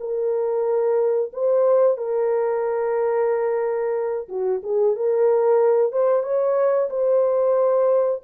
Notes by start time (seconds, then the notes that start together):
0.00 A#4
1.33 C5
1.98 A#4
4.29 F#4
4.63 G#4
4.96 A#4
5.93 C5
6.23 C#5
6.90 C5